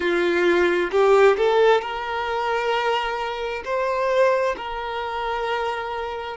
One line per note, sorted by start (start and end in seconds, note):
0.00 0.90 F4
0.91 1.36 G4
1.37 1.81 A4
1.81 3.62 A#4
3.64 4.55 C5
4.56 6.37 A#4